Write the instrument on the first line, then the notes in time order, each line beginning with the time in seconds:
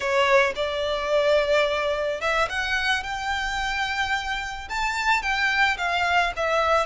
violin
0.00 C#5
0.55 D5
2.20 E5
2.49 F#5
3.03 G5
4.69 A5
5.22 G5
5.77 F5
6.36 E5